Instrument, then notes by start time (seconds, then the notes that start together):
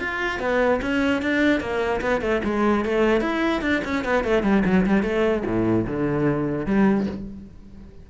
cello
0.00 F4
0.40 B3
0.82 C#4
1.22 D4
1.61 A#3
2.02 B3
2.22 A3
2.45 G#3
2.85 A3
3.21 E4
3.62 D4
3.85 C#4
4.05 B3
4.24 A3
4.43 G3
4.66 F#3
4.86 G3
5.03 A3
5.46 A2
5.87 D3
6.66 G3